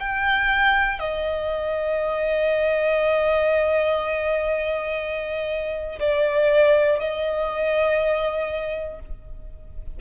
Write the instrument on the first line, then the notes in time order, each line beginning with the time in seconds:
violin
0.00 G5
1.00 D#5
6.00 D5
7.00 D#5